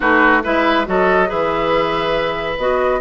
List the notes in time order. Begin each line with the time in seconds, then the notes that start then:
0.00 A3 D#4 F#4 B4
0.43 G#3 E4 B4 E5
0.85 F#3 F#4 A4 D#5
1.26 E3 G#4 B4 E5
2.58 B3 F#4 D#5